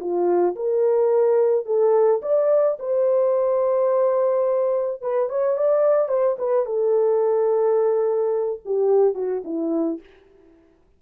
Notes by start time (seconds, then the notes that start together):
0.00 F4
0.56 A#4
1.66 A4
2.22 D5
2.79 C5
5.02 B4
5.29 C#5
5.57 D5
6.09 C5
6.39 B4
6.66 A4
8.65 G4
9.15 F#4
9.44 E4